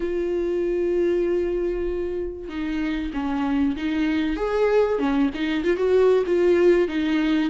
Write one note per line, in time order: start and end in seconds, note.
0.00 2.48 F4
2.48 3.11 D#4
3.13 3.76 C#4
3.76 4.36 D#4
4.36 4.98 G#4
4.98 5.30 C#4
5.34 5.64 D#4
5.64 5.77 F4
5.77 6.23 F#4
6.26 6.88 F4
6.88 7.49 D#4